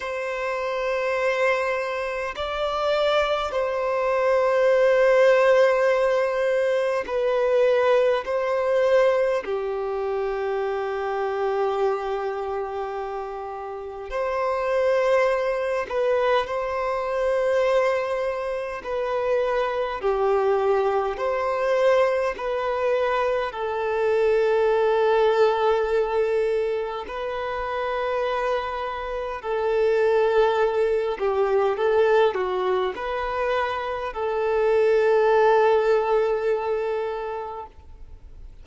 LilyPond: \new Staff \with { instrumentName = "violin" } { \time 4/4 \tempo 4 = 51 c''2 d''4 c''4~ | c''2 b'4 c''4 | g'1 | c''4. b'8 c''2 |
b'4 g'4 c''4 b'4 | a'2. b'4~ | b'4 a'4. g'8 a'8 fis'8 | b'4 a'2. | }